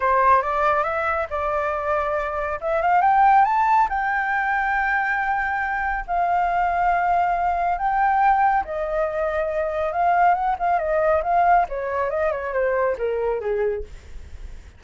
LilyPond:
\new Staff \with { instrumentName = "flute" } { \time 4/4 \tempo 4 = 139 c''4 d''4 e''4 d''4~ | d''2 e''8 f''8 g''4 | a''4 g''2.~ | g''2 f''2~ |
f''2 g''2 | dis''2. f''4 | fis''8 f''8 dis''4 f''4 cis''4 | dis''8 cis''8 c''4 ais'4 gis'4 | }